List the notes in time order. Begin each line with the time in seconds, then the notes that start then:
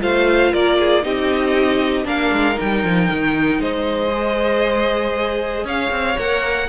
0.00 A3 F4 C5 F5
0.52 A#3 A#4 D5
0.79 G#4
1.02 C4 D#4 G4 D#5
2.05 A#3 D4 A#4 F5
2.32 G#3
2.54 D#4 G5
2.61 G3
2.83 F3
3.11 D#3
3.59 G#3 C5 D#5
4.10 G#4
5.64 C#4 C#5 F5
5.91 C4
6.18 A#3 A#4 F#5